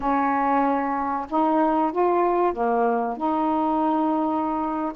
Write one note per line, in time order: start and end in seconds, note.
0.00 1.26 C#4
1.29 1.91 D#4
1.91 2.53 F4
2.53 3.17 A#3
3.17 4.92 D#4